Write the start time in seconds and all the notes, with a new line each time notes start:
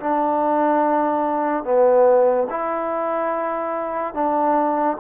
0.00 D4
1.64 B3
2.50 E4
4.14 D4